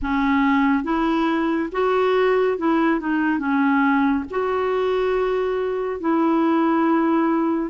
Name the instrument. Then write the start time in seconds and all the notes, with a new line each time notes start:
clarinet
0.02 C#4
0.83 E4
1.72 F#4
2.58 E4
3.00 D#4
3.39 C#4
4.30 F#4
6.00 E4